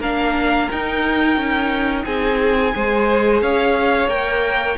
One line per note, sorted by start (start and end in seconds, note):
0.00 0.68 A#3
0.00 0.70 D4
0.00 2.05 A#4
0.00 0.70 F5
0.71 2.73 D#4
0.71 1.36 D#4
0.71 2.04 G5
1.36 2.04 C#4
2.04 2.74 C4
2.04 2.74 G#4
2.04 3.40 G#5
2.73 3.41 G#3
2.73 4.09 G#4
2.73 3.43 C5
3.41 4.08 C#4
3.41 4.77 C#5
3.41 4.09 F5
4.08 4.76 A#3
4.08 4.77 A#4
4.08 4.77 G5